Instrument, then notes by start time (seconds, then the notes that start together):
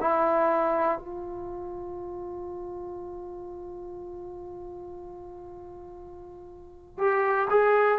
trombone
0.00 E4
0.99 F4
6.98 G4
7.50 G#4